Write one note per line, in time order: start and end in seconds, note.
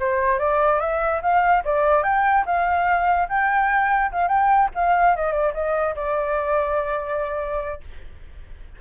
0.00 0.39 C5
0.39 0.80 D5
0.80 1.21 E5
1.23 1.64 F5
1.65 2.04 D5
2.04 2.45 G5
2.46 3.28 F5
3.29 4.12 G5
4.12 4.29 F5
4.29 4.70 G5
4.75 5.16 F5
5.16 5.33 D#5
5.33 5.53 D5
5.54 5.96 D#5
5.96 7.81 D5